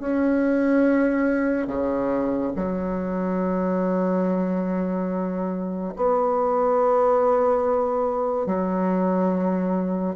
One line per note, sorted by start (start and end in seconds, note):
0.00 1.67 C#4
1.67 2.52 C#3
2.56 5.94 F#3
5.97 8.47 B3
8.47 10.16 F#3